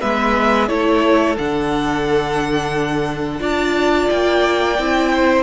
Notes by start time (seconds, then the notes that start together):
0.00 G#3 B3 B4 E5
0.68 A3 E4 A4 C#5
1.38 D3 D4 F#5
3.39 D4 F4 D5 A5
4.09 A#3 G5
4.78 C4 E4
5.12 C5